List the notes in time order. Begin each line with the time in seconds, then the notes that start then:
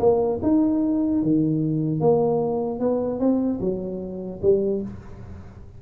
0.00 A#3
0.43 D#4
1.23 D#3
2.01 A#3
2.80 B3
3.20 C4
3.61 F#3
4.43 G3